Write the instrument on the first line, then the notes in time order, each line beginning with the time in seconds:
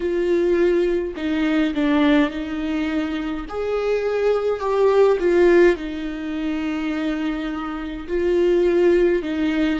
viola
0.00 F4
1.16 D#4
1.74 D4
2.30 D#4
3.49 G#4
4.59 G4
5.19 F4
5.76 D#4
8.07 F4
9.22 D#4